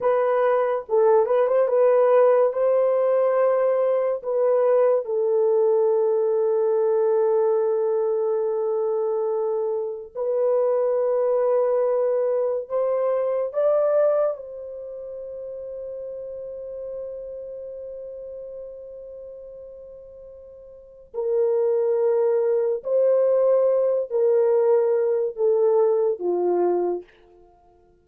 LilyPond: \new Staff \with { instrumentName = "horn" } { \time 4/4 \tempo 4 = 71 b'4 a'8 b'16 c''16 b'4 c''4~ | c''4 b'4 a'2~ | a'1 | b'2. c''4 |
d''4 c''2.~ | c''1~ | c''4 ais'2 c''4~ | c''8 ais'4. a'4 f'4 | }